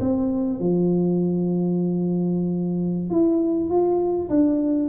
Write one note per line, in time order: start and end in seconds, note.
0.00 0.59 C4
0.59 3.10 F3
3.10 3.69 E4
3.69 4.29 F4
4.29 4.88 D4